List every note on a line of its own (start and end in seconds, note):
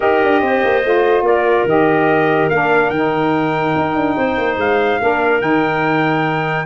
0.00 0.22 D#4
0.00 0.82 G4
0.00 0.41 A#4
0.00 1.25 D#5
0.23 0.41 D4
0.41 0.62 C4
0.41 1.25 C5
0.63 0.84 A#3
0.84 1.21 A3
0.84 1.67 F4
1.21 1.63 A#3
1.21 4.16 A#4
1.21 1.67 D5
1.64 2.47 D#3
1.64 2.50 G4
1.64 2.49 D#5
2.49 2.90 A#3
2.49 2.93 D4
2.49 2.90 F5
2.90 3.73 D#3
2.90 5.00 D#4
2.90 4.56 G5
3.75 3.95 D#4
3.95 4.16 D4
4.16 4.37 C4
4.16 5.00 C5
4.37 4.57 A#3
4.57 4.98 G#3
4.57 5.41 F5
5.00 5.41 A#3
5.00 5.40 D4
5.00 6.65 A#4
5.40 6.65 D#3
5.40 6.65 D#4
5.40 6.65 G5